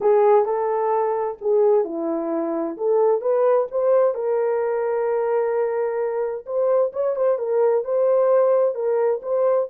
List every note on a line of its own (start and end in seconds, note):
0.01 0.45 G#4
0.45 1.37 A4
1.41 1.84 G#4
1.84 2.76 E4
2.77 3.21 A4
3.21 3.67 B4
3.71 4.14 C5
4.14 6.45 A#4
6.46 6.92 C5
6.93 7.16 C#5
7.16 7.38 C5
7.38 7.84 A#4
7.84 8.74 C5
8.74 9.21 A#4
9.22 9.68 C5